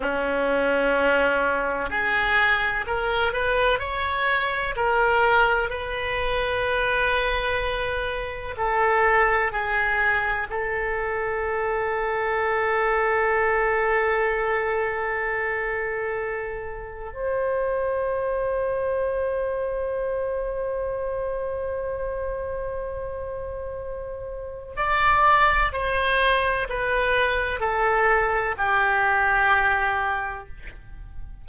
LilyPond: \new Staff \with { instrumentName = "oboe" } { \time 4/4 \tempo 4 = 63 cis'2 gis'4 ais'8 b'8 | cis''4 ais'4 b'2~ | b'4 a'4 gis'4 a'4~ | a'1~ |
a'2 c''2~ | c''1~ | c''2 d''4 c''4 | b'4 a'4 g'2 | }